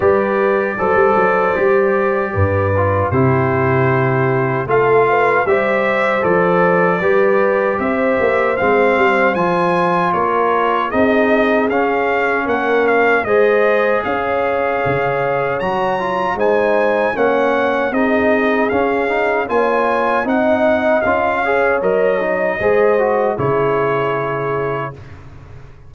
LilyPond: <<
  \new Staff \with { instrumentName = "trumpet" } { \time 4/4 \tempo 4 = 77 d''1 | c''2 f''4 e''4 | d''2 e''4 f''4 | gis''4 cis''4 dis''4 f''4 |
fis''8 f''8 dis''4 f''2 | ais''4 gis''4 fis''4 dis''4 | f''4 gis''4 fis''4 f''4 | dis''2 cis''2 | }
  \new Staff \with { instrumentName = "horn" } { \time 4/4 b'4 c''2 b'4 | g'2 a'8 b'8 c''4~ | c''4 b'4 c''2~ | c''4 ais'4 gis'2 |
ais'4 c''4 cis''2~ | cis''4 c''4 cis''4 gis'4~ | gis'4 cis''4 dis''4. cis''8~ | cis''4 c''4 gis'2 | }
  \new Staff \with { instrumentName = "trombone" } { \time 4/4 g'4 a'4 g'4. f'8 | e'2 f'4 g'4 | a'4 g'2 c'4 | f'2 dis'4 cis'4~ |
cis'4 gis'2. | fis'8 f'8 dis'4 cis'4 dis'4 | cis'8 dis'8 f'4 dis'4 f'8 gis'8 | ais'8 dis'8 gis'8 fis'8 e'2 | }
  \new Staff \with { instrumentName = "tuba" } { \time 4/4 g4 fis16 g16 fis8 g4 g,4 | c2 a4 g4 | f4 g4 c'8 ais8 gis8 g8 | f4 ais4 c'4 cis'4 |
ais4 gis4 cis'4 cis4 | fis4 gis4 ais4 c'4 | cis'4 ais4 c'4 cis'4 | fis4 gis4 cis2 | }
>>